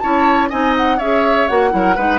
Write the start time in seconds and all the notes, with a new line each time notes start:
0.00 C#4 E4 C#5 A5
0.50 C4 D#4 D#5 G#5
0.78 F#5
0.98 C#4 G#4 C#5 E5
1.48 A#3 F#4 F#5
1.71 F#3 E4 A#4
1.96 G#3 D#4 B4